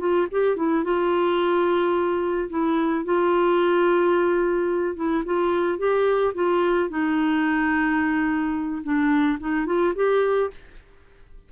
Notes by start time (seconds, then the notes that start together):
0.00 F4
0.32 G4
0.57 E4
0.84 F4
2.50 E4
3.05 F4
4.96 E4
5.25 F4
5.79 G4
6.35 F4
6.90 D#4
8.83 D4
9.40 D#4
9.66 F4
9.96 G4